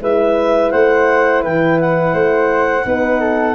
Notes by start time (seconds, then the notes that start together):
0.00 G#3 E4 B4 E5
0.71 A3 C5 F#5
1.42 E3 B4 G5
1.80 F#5
2.13 A3 C5
2.84 B3 D#4 B4
3.20 A4